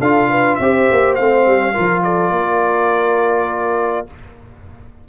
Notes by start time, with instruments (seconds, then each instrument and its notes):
0.00 tuba D4, trombone F4, horn A4, trumpet F5
0.29 horn B4
0.55 tuba C4, trumpet E5
0.62 trombone G4, horn C5
0.91 tuba A#3
1.16 tuba A3, trombone C4, trumpet F5
1.47 tuba G3
1.74 tuba F3, trombone F4, horn A#4
2.03 horn A4, trumpet D5
2.30 tuba A#3, horn A#4